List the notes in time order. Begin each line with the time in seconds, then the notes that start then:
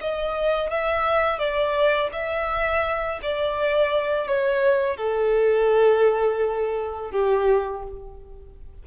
0.00 D#5
0.70 E5
1.38 D5
2.12 E5
3.22 D5
4.27 C#5
4.96 A4
7.11 G4